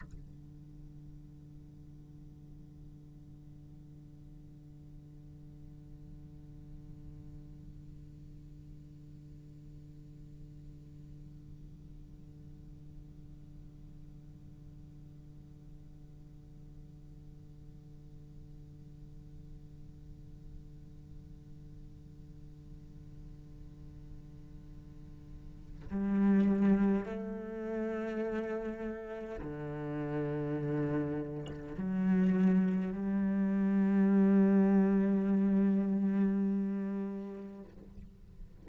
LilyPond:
\new Staff \with { instrumentName = "cello" } { \time 4/4 \tempo 4 = 51 d1~ | d1~ | d1~ | d1~ |
d1~ | d2 g4 a4~ | a4 d2 fis4 | g1 | }